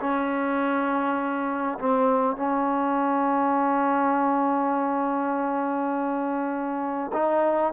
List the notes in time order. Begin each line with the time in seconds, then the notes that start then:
0.00 C#4
1.79 C4
2.37 C#4
7.13 D#4